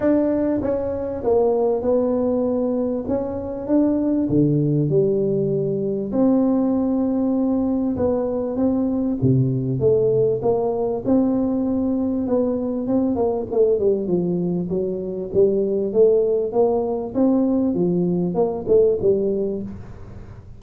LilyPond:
\new Staff \with { instrumentName = "tuba" } { \time 4/4 \tempo 4 = 98 d'4 cis'4 ais4 b4~ | b4 cis'4 d'4 d4 | g2 c'2~ | c'4 b4 c'4 c4 |
a4 ais4 c'2 | b4 c'8 ais8 a8 g8 f4 | fis4 g4 a4 ais4 | c'4 f4 ais8 a8 g4 | }